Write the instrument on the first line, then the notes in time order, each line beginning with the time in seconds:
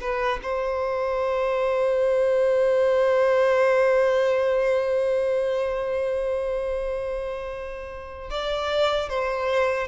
violin
0.00 B4
0.42 C5
8.30 D5
9.09 C5